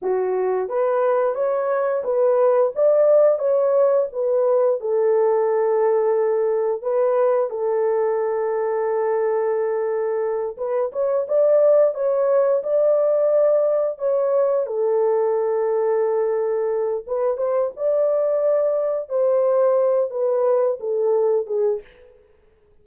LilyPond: \new Staff \with { instrumentName = "horn" } { \time 4/4 \tempo 4 = 88 fis'4 b'4 cis''4 b'4 | d''4 cis''4 b'4 a'4~ | a'2 b'4 a'4~ | a'2.~ a'8 b'8 |
cis''8 d''4 cis''4 d''4.~ | d''8 cis''4 a'2~ a'8~ | a'4 b'8 c''8 d''2 | c''4. b'4 a'4 gis'8 | }